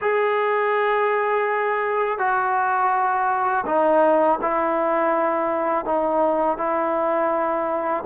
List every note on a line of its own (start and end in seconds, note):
0.01 2.18 G#4
2.18 3.64 F#4
3.66 4.39 D#4
4.41 5.85 E4
5.85 6.57 D#4
6.57 8.04 E4